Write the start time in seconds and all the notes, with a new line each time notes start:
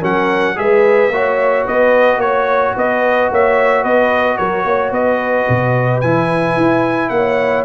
0.00 F#3 C#4 A#4 F#5
0.56 G#3 G#4 B4 E5
1.10 A#3 F#4 C#5
1.66 B3 B4 D#5
2.18 A#3 C#5
2.76 B3 B4 D#5
3.31 A#3 C#5 E5
3.83 B3 B4 D#5
4.37 F#3 A#4 C#5
4.65 A#3 C#5
4.92 B3 B4 D#5
5.49 B2
6.01 E3 E4 G#5
6.57 E4
7.10 A#3 F#5
7.16 C#5